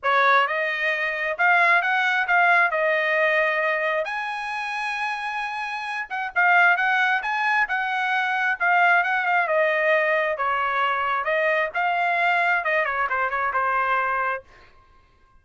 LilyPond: \new Staff \with { instrumentName = "trumpet" } { \time 4/4 \tempo 4 = 133 cis''4 dis''2 f''4 | fis''4 f''4 dis''2~ | dis''4 gis''2.~ | gis''4. fis''8 f''4 fis''4 |
gis''4 fis''2 f''4 | fis''8 f''8 dis''2 cis''4~ | cis''4 dis''4 f''2 | dis''8 cis''8 c''8 cis''8 c''2 | }